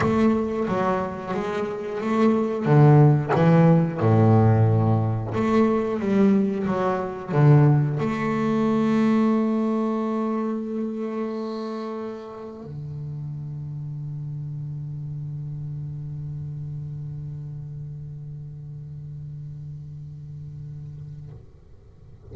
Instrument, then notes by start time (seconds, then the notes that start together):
double bass
0.00 A3
0.67 F#3
1.34 G#3
2.01 A3
2.65 D3
3.35 E3
4.00 A2
5.34 A3
5.99 G3
6.66 F#3
7.32 D3
7.99 A3
12.63 D3